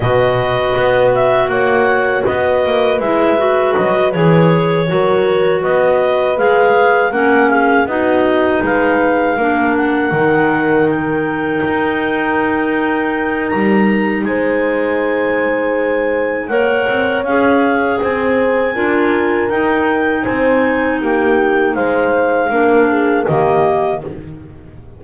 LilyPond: <<
  \new Staff \with { instrumentName = "clarinet" } { \time 4/4 \tempo 4 = 80 dis''4. e''8 fis''4 dis''4 | e''4 dis''8 cis''2 dis''8~ | dis''8 f''4 fis''8 f''8 dis''4 f''8~ | f''4 fis''4. g''4.~ |
g''2 ais''4 gis''4~ | gis''2 fis''4 f''4 | gis''2 g''4 gis''4 | g''4 f''2 dis''4 | }
  \new Staff \with { instrumentName = "horn" } { \time 4/4 b'2 cis''4 b'4~ | b'2~ b'8 ais'4 b'8~ | b'4. ais'8 gis'8 fis'4 b'8~ | b'8 ais'2.~ ais'8~ |
ais'2. c''4~ | c''2 cis''2 | c''4 ais'2 c''4 | g'4 c''4 ais'8 gis'8 g'4 | }
  \new Staff \with { instrumentName = "clarinet" } { \time 4/4 fis'1 | e'8 fis'4 gis'4 fis'4.~ | fis'8 gis'4 cis'4 dis'4.~ | dis'8 d'4 dis'2~ dis'8~ |
dis'1~ | dis'2 ais'4 gis'4~ | gis'4 f'4 dis'2~ | dis'2 d'4 ais4 | }
  \new Staff \with { instrumentName = "double bass" } { \time 4/4 b,4 b4 ais4 b8 ais8 | gis4 fis8 e4 fis4 b8~ | b8 gis4 ais4 b4 gis8~ | gis8 ais4 dis2 dis'8~ |
dis'2 g4 gis4~ | gis2 ais8 c'8 cis'4 | c'4 d'4 dis'4 c'4 | ais4 gis4 ais4 dis4 | }
>>